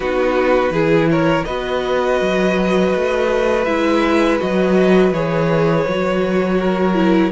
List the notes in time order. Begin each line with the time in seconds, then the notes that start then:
0.00 B3 D#4 F#4 B4
0.70 E3 E4 G#4
1.10 A#4 C#5
1.44 B3 F#4 B4 D#5
2.21 F#3
2.95 A3
3.64 G#3 E4 E5
4.39 F#3 F#4 D#5
5.11 E3 G#4 C#5
5.87 F#3 F#4
6.59 A#4
6.93 E4